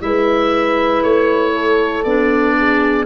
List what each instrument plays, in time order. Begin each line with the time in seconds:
0.00 tuba G#3, clarinet E4, horn B4, oboe E5
1.02 tuba A3, oboe C#5
1.53 horn A4
2.03 tuba B3, clarinet D4, oboe D5
2.57 horn G#4